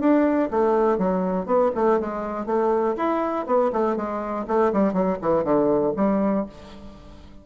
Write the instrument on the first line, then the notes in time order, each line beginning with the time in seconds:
bassoon
0.00 D4
0.51 A3
0.98 F#3
1.46 B3
1.75 A3
2.00 G#3
2.46 A3
2.97 E4
3.46 B3
3.73 A3
3.96 G#3
4.47 A3
4.73 G3
4.93 F#3
5.21 E3
5.44 D3
5.96 G3